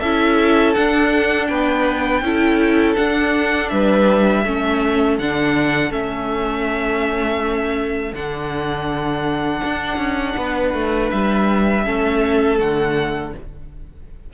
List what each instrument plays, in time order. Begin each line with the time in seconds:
0.00 cello C#4, viola E4, violin A4 E5
0.74 viola D4, cello D4, violin F#5
1.47 cello B3, violin B4 G5
2.22 cello C#4, viola E4, violin A4
2.96 viola D4, cello D4, violin F#5
3.69 cello G3, violin B4 E5
4.45 cello A3, viola C#4, violin A4
5.19 cello D3, viola D4, violin F#5
5.92 cello A3, viola C#4, violin E5
8.13 cello D3, viola D4, violin F#5
9.65 cello D4
9.97 cello C#4
10.37 cello B3, violin B4
10.74 cello A3
11.11 cello G3, violin E5
11.85 cello A3, viola C#4, violin A4
12.58 cello D3, viola A3, violin F#5